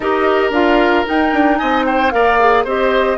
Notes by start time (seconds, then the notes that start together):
0.00 D#4 G4 A#4 D#5
0.50 D4 F4 F5
1.05 D#4 G5
1.33 D4
1.57 C4 D#5 G#5
1.85 C5 G5
2.10 A#3 A#4 D5 F5
2.39 G#4
2.64 C4 G4 C5 D#5